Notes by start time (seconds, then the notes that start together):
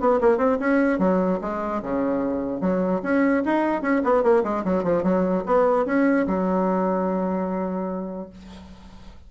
0.00 B3
0.21 A#3
0.38 C4
0.60 C#4
0.99 F#3
1.42 G#3
1.83 C#3
2.61 F#3
3.03 C#4
3.45 D#4
3.82 C#4
4.04 B3
4.23 A#3
4.44 G#3
4.65 F#3
4.84 F3
5.03 F#3
5.46 B3
5.86 C#4
6.27 F#3